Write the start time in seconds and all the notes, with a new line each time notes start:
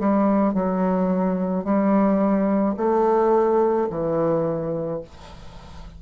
0.00 G3
0.55 F#3
1.65 G3
2.77 A3
3.90 E3